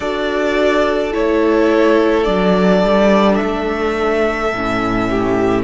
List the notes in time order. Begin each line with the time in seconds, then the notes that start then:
0.00 D4 F#4 A4 D5
1.12 A3 E4 C#5
2.23 F#3 D4 D5
2.83 G3
3.35 A3 E5
4.52 A2 C#4
5.10 G4